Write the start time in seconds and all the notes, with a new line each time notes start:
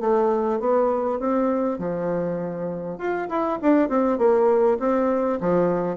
0.00 A3
0.59 B3
1.19 C4
1.78 F3
2.98 F4
3.29 E4
3.61 D4
3.89 C4
4.18 A#3
4.79 C4
5.41 F3